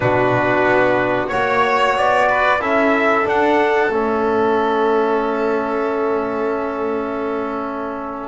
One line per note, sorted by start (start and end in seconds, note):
0.00 0.65 B2
0.00 1.30 D4
0.00 1.30 F#4
0.00 1.27 B4
0.65 1.30 B3
1.27 2.60 F#4
1.27 1.93 C#5
1.27 2.28 C#5
1.34 1.96 A#3
1.96 2.59 B3
1.96 2.61 D5
2.29 2.60 B4
2.59 3.24 C#4
2.59 3.24 E4
2.59 8.27 A4
2.59 3.26 E5
3.24 3.89 D4
3.24 3.93 F#5
3.89 8.27 A3
3.89 8.27 C#4
3.89 8.27 E5